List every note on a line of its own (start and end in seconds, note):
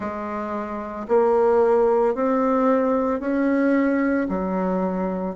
0.00 1.07 G#3
1.08 2.14 A#3
2.14 3.19 C4
3.19 4.27 C#4
4.29 5.35 F#3